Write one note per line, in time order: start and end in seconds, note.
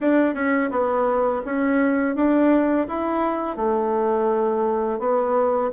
0.00 0.34 D4
0.34 0.69 C#4
0.70 1.42 B3
1.45 2.15 C#4
2.15 2.86 D4
2.87 3.56 E4
3.56 4.99 A3
4.99 5.70 B3